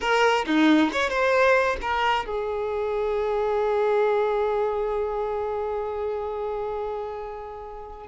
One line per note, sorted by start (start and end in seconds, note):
0.00 0.45 A#4
0.46 0.91 D#4
0.92 1.09 C#5
1.09 1.76 C5
1.81 2.25 A#4
2.25 8.07 G#4